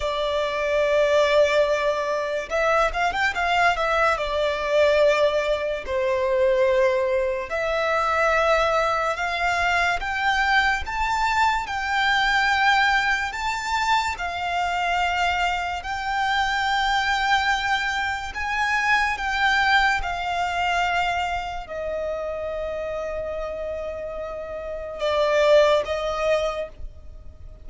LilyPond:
\new Staff \with { instrumentName = "violin" } { \time 4/4 \tempo 4 = 72 d''2. e''8 f''16 g''16 | f''8 e''8 d''2 c''4~ | c''4 e''2 f''4 | g''4 a''4 g''2 |
a''4 f''2 g''4~ | g''2 gis''4 g''4 | f''2 dis''2~ | dis''2 d''4 dis''4 | }